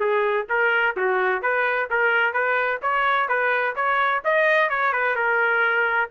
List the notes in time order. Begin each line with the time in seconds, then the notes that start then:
0.00 G#4
0.50 A#4
0.97 F#4
1.43 B4
1.90 A#4
2.34 B4
2.83 C#5
3.29 B4
3.76 C#5
4.25 D#5
4.70 C#5
4.93 B4
5.16 A#4